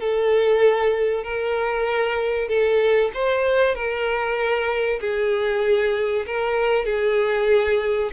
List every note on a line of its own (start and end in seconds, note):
0.00 1.24 A4
1.24 2.49 A#4
2.49 3.11 A4
3.14 3.75 C5
3.75 5.00 A#4
5.01 6.26 G#4
6.26 6.86 A#4
6.86 8.11 G#4